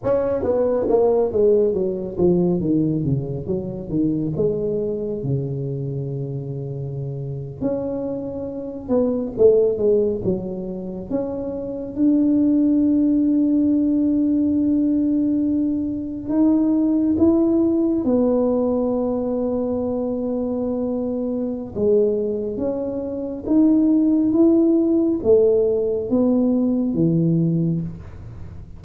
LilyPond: \new Staff \with { instrumentName = "tuba" } { \time 4/4 \tempo 4 = 69 cis'8 b8 ais8 gis8 fis8 f8 dis8 cis8 | fis8 dis8 gis4 cis2~ | cis8. cis'4. b8 a8 gis8 fis16~ | fis8. cis'4 d'2~ d'16~ |
d'2~ d'8. dis'4 e'16~ | e'8. b2.~ b16~ | b4 gis4 cis'4 dis'4 | e'4 a4 b4 e4 | }